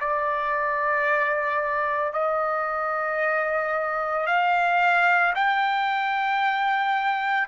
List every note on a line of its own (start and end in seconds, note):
0.00 2.13 D5
2.13 4.27 D#5
4.27 5.34 F5
5.35 7.48 G5